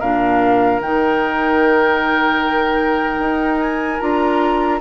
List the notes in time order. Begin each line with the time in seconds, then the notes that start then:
0.00 A#2 D4 A#4 F5
0.80 D#3 D#4 G5
3.19 D#4
3.60 G#5
4.00 D4 F4 A#5